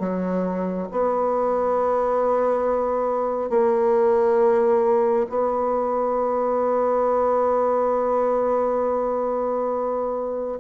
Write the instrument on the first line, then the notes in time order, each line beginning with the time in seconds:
bassoon
0.00 F#3
0.91 B3
3.50 A#3
5.30 B3